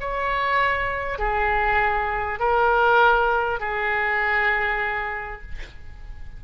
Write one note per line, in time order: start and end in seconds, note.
0.00 1.18 C#5
1.18 2.39 G#4
2.39 3.60 A#4
3.60 5.42 G#4